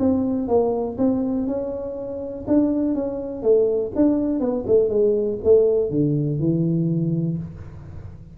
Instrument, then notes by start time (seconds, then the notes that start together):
tuba
0.00 C4
0.48 A#3
0.98 C4
1.48 C#4
2.48 D4
2.95 C#4
3.43 A3
3.96 D4
4.40 B3
4.67 A3
4.90 G#3
5.44 A3
5.91 D3
6.40 E3